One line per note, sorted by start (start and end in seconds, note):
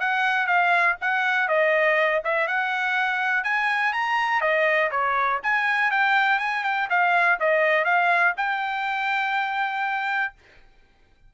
0.00 0.47 F#5
0.47 0.96 F5
1.01 1.48 F#5
1.48 2.22 D#5
2.24 2.48 E5
2.48 3.44 F#5
3.44 3.93 G#5
3.93 4.41 A#5
4.41 4.90 D#5
4.91 5.40 C#5
5.43 5.91 G#5
5.91 6.39 G5
6.39 6.64 G#5
6.64 6.88 G5
6.90 7.39 F5
7.40 7.85 D#5
7.85 8.34 F5
8.37 10.34 G5